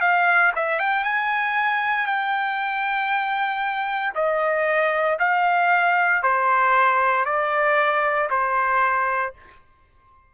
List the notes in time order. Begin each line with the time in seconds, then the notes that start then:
0.00 F5
0.55 E5
0.79 G5
1.03 G#5
2.06 G5
4.14 D#5
5.19 F5
6.23 C5
7.25 D5
8.29 C5